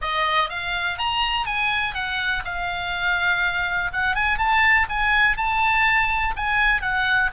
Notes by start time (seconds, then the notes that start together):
0.01 D#5
0.49 F5
0.98 A#5
1.45 G#5
1.94 F#5
2.44 F5
3.93 F#5
4.15 G#5
4.38 A5
4.89 G#5
5.37 A5
6.36 G#5
6.81 F#5